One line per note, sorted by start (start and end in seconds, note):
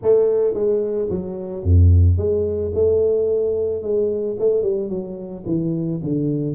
0.02 0.53 A3
0.53 1.08 G#3
1.10 1.63 F#3
1.63 2.17 F2
2.17 2.72 G#3
2.74 3.82 A3
3.82 4.36 G#3
4.39 4.62 A3
4.62 4.89 G3
4.89 5.43 F#3
5.46 6.00 E3
6.03 6.55 D3